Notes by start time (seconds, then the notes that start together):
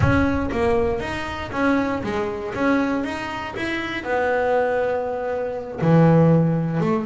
0.00 C#4
0.51 A#3
1.00 D#4
1.51 C#4
2.03 G#3
2.54 C#4
3.04 D#4
3.56 E4
4.03 B3
5.81 E3
6.80 A3